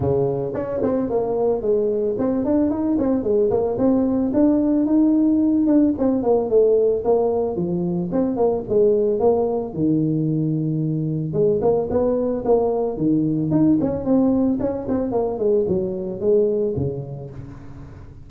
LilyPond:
\new Staff \with { instrumentName = "tuba" } { \time 4/4 \tempo 4 = 111 cis4 cis'8 c'8 ais4 gis4 | c'8 d'8 dis'8 c'8 gis8 ais8 c'4 | d'4 dis'4. d'8 c'8 ais8 | a4 ais4 f4 c'8 ais8 |
gis4 ais4 dis2~ | dis4 gis8 ais8 b4 ais4 | dis4 dis'8 cis'8 c'4 cis'8 c'8 | ais8 gis8 fis4 gis4 cis4 | }